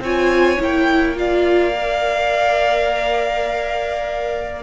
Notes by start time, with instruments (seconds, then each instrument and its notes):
0.00 cello C4, viola F4, violin C#5 G#5
0.58 cello A#3, viola E4, violin G5
1.16 viola F4, violin D5 F5
1.75 viola A#4